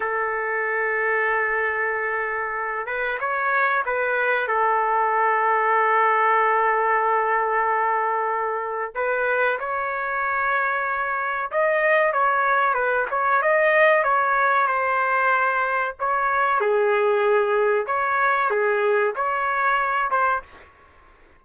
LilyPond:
\new Staff \with { instrumentName = "trumpet" } { \time 4/4 \tempo 4 = 94 a'1~ | a'8 b'8 cis''4 b'4 a'4~ | a'1~ | a'2 b'4 cis''4~ |
cis''2 dis''4 cis''4 | b'8 cis''8 dis''4 cis''4 c''4~ | c''4 cis''4 gis'2 | cis''4 gis'4 cis''4. c''8 | }